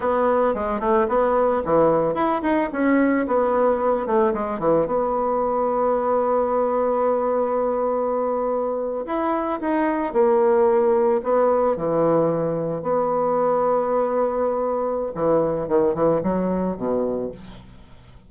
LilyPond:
\new Staff \with { instrumentName = "bassoon" } { \time 4/4 \tempo 4 = 111 b4 gis8 a8 b4 e4 | e'8 dis'8 cis'4 b4. a8 | gis8 e8 b2.~ | b1~ |
b8. e'4 dis'4 ais4~ ais16~ | ais8. b4 e2 b16~ | b1 | e4 dis8 e8 fis4 b,4 | }